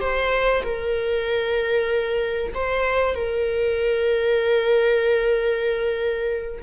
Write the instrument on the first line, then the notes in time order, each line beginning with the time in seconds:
viola
0.00 C5
0.63 A#4
2.54 C5
3.15 A#4